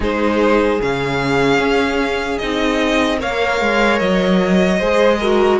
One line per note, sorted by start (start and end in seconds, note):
0.00 0.80 G#3
0.00 0.80 D#4
0.00 3.18 G#4
0.00 0.81 C5
0.80 1.58 C#3
0.80 2.40 C#4
0.80 2.38 F5
1.58 2.38 C#4
2.38 3.22 C4
2.38 3.18 D#4
2.38 3.18 D#5
3.18 3.60 A#3
3.18 4.78 A#4
3.18 4.79 C#5
3.18 3.99 F5
3.60 4.00 G#3
3.99 4.80 F#3
3.99 5.58 D#5
4.79 5.60 G#3
4.79 5.22 G#4
4.79 5.19 C5
5.19 5.60 F#4
5.19 5.59 A#4